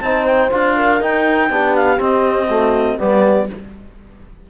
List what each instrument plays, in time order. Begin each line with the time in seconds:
0.00 cello C4, trombone D#4, horn C5, clarinet A5
0.25 clarinet G5
0.51 cello D4, trombone F4, clarinet F5
0.76 horn A#4
1.01 cello D#4, trombone D#4, clarinet G5
1.50 cello B3, trombone D4, horn G4
1.76 clarinet F5
1.97 trombone C4, cello C4, clarinet D#5
2.48 trombone A3, horn F#4
2.98 cello G3, trombone B3, horn G4, clarinet D5